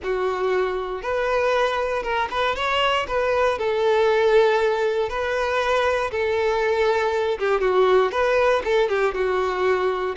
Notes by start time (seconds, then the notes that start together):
0.03 F#4
1.02 B4
2.02 A#4
2.30 B4
2.55 C#5
3.07 B4
3.58 A4
5.09 B4
6.11 A4
7.38 G4
7.60 F#4
8.11 B4
8.64 A4
8.88 G4
9.14 F#4